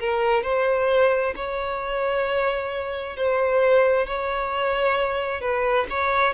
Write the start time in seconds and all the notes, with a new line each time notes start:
0.00 A#4
0.43 C5
1.36 C#5
3.17 C5
4.07 C#5
5.41 B4
5.90 C#5